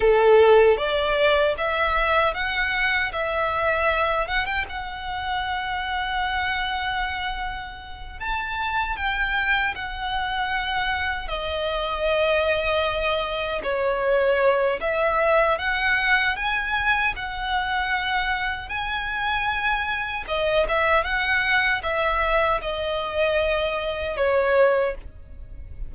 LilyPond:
\new Staff \with { instrumentName = "violin" } { \time 4/4 \tempo 4 = 77 a'4 d''4 e''4 fis''4 | e''4. fis''16 g''16 fis''2~ | fis''2~ fis''8 a''4 g''8~ | g''8 fis''2 dis''4.~ |
dis''4. cis''4. e''4 | fis''4 gis''4 fis''2 | gis''2 dis''8 e''8 fis''4 | e''4 dis''2 cis''4 | }